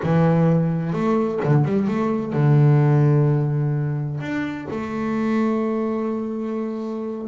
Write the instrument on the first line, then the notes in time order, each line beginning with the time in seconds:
double bass
0.02 E3
0.92 A3
1.43 D3
1.64 G3
1.87 A3
2.32 D3
4.20 D4
4.70 A3